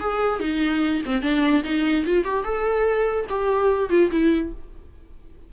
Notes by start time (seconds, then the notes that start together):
0.00 G#4
0.40 D#4
1.05 C4
1.22 D4
1.64 D#4
2.05 F4
2.24 G4
2.44 A4
3.29 G4
3.89 F4
4.11 E4